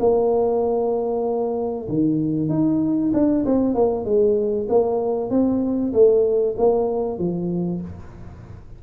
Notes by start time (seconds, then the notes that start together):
0.00 A#3
1.89 D#3
2.49 D#4
3.13 D4
3.46 C4
3.75 A#3
4.05 G#3
4.69 A#3
5.30 C4
5.93 A3
6.58 A#3
7.19 F3